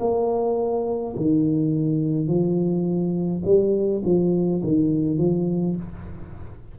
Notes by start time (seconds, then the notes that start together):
0.00 A#3
1.16 D#3
2.28 F3
3.45 G3
4.04 F3
4.64 D#3
5.18 F3